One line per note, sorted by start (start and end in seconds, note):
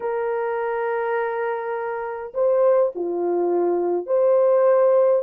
0.00 2.33 A#4
2.34 2.92 C5
2.95 4.06 F4
4.06 5.22 C5